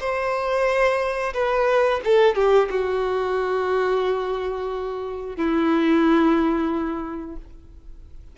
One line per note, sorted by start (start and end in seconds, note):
0.00 1.33 C5
1.34 2.01 B4
2.04 2.35 A4
2.35 2.69 G4
2.70 5.36 F#4
5.36 7.36 E4